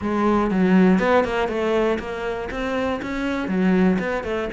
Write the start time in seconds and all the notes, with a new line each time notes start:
0.01 G#3
0.50 F#3
0.99 B3
1.24 A#3
1.48 A3
1.99 A#3
2.50 C4
3.02 C#4
3.47 F#3
3.99 B3
4.23 A3